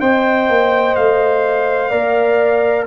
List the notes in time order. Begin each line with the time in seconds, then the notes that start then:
0.00 C4 C5 D#5 G5
0.48 A#3
0.95 A3 F5
1.89 A#3 A#4 D5